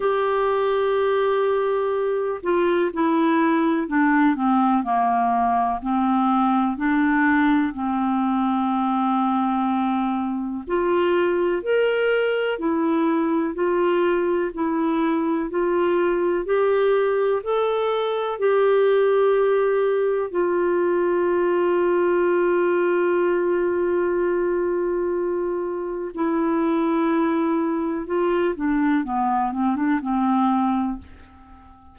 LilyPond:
\new Staff \with { instrumentName = "clarinet" } { \time 4/4 \tempo 4 = 62 g'2~ g'8 f'8 e'4 | d'8 c'8 ais4 c'4 d'4 | c'2. f'4 | ais'4 e'4 f'4 e'4 |
f'4 g'4 a'4 g'4~ | g'4 f'2.~ | f'2. e'4~ | e'4 f'8 d'8 b8 c'16 d'16 c'4 | }